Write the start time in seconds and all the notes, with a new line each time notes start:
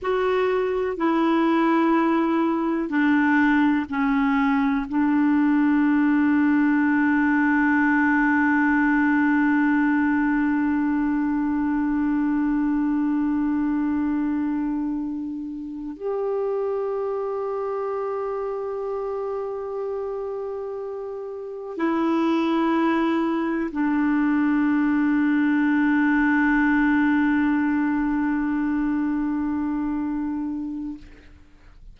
0.01 F#4
0.96 E4
2.89 D4
3.89 C#4
4.88 D4
15.97 G4
21.77 E4
23.71 D4